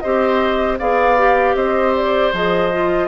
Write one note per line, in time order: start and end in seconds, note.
0.00 0.80 C4
0.00 0.79 G4
0.00 0.79 C5
0.00 0.77 D#5
0.79 1.55 B3
0.79 1.18 G#4
0.79 1.56 D5
0.79 1.56 F5
1.18 2.33 G4
1.55 2.32 C4
1.55 3.08 C5
1.55 1.94 D#5
1.95 2.34 D5
2.33 3.08 F3
2.33 2.71 G#4
2.33 3.08 D#5
2.71 3.08 F4